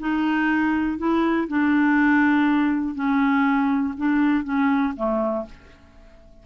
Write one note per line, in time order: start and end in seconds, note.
0.00 0.98 D#4
0.98 1.48 E4
1.48 2.95 D4
2.95 3.94 C#4
3.97 4.44 D4
4.44 4.94 C#4
4.97 5.46 A3